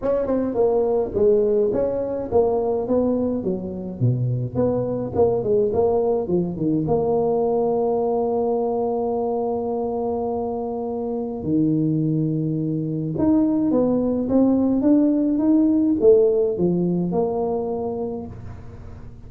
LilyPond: \new Staff \with { instrumentName = "tuba" } { \time 4/4 \tempo 4 = 105 cis'8 c'8 ais4 gis4 cis'4 | ais4 b4 fis4 b,4 | b4 ais8 gis8 ais4 f8 dis8 | ais1~ |
ais1 | dis2. dis'4 | b4 c'4 d'4 dis'4 | a4 f4 ais2 | }